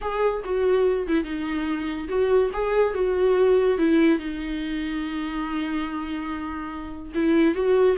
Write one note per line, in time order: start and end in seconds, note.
0.01 0.43 G#4
0.44 1.07 F#4
1.07 1.24 E4
1.24 2.08 D#4
2.08 2.50 F#4
2.53 2.94 G#4
2.94 3.77 F#4
3.78 4.18 E4
4.18 7.12 D#4
7.14 7.54 E4
7.54 7.96 F#4